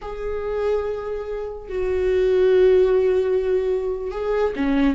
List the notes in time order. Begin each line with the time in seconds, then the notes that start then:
0.01 G#4
1.69 F#4
4.11 G#4
4.55 C#4